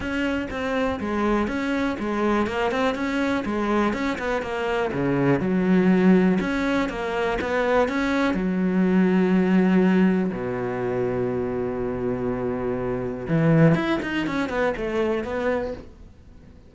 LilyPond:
\new Staff \with { instrumentName = "cello" } { \time 4/4 \tempo 4 = 122 cis'4 c'4 gis4 cis'4 | gis4 ais8 c'8 cis'4 gis4 | cis'8 b8 ais4 cis4 fis4~ | fis4 cis'4 ais4 b4 |
cis'4 fis2.~ | fis4 b,2.~ | b,2. e4 | e'8 dis'8 cis'8 b8 a4 b4 | }